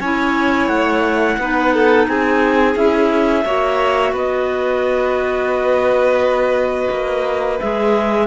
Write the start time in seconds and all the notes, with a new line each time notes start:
0.00 C#4 E4 C#5 G#5
0.68 A3 F#5
1.38 B3 D#4 B4
1.74 A4
2.08 C4 G#4 G#5
2.75 C#4 E4 E5
3.45 A#3 F#4 C#5
4.12 B3 B4 D#5
6.91 A#3
7.60 G#3 G#4 E5